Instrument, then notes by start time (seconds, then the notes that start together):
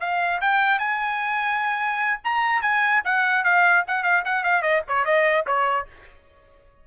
trumpet
0.00 F5
0.41 G5
0.79 G#5
2.24 A#5
2.62 G#5
3.05 F#5
3.44 F5
3.87 F#5
4.03 F5
4.25 F#5
4.44 F5
4.62 D#5
4.88 C#5
5.05 D#5
5.47 C#5